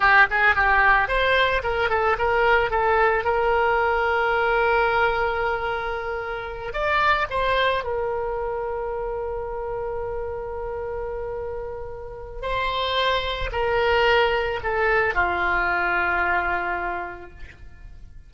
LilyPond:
\new Staff \with { instrumentName = "oboe" } { \time 4/4 \tempo 4 = 111 g'8 gis'8 g'4 c''4 ais'8 a'8 | ais'4 a'4 ais'2~ | ais'1~ | ais'8 d''4 c''4 ais'4.~ |
ais'1~ | ais'2. c''4~ | c''4 ais'2 a'4 | f'1 | }